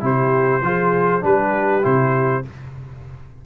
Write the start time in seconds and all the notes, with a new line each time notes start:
0.00 C3 E4 G4 C5
0.61 F3 F4 G#4
1.21 G3 D4 G4 B4
1.82 C3 E4 C5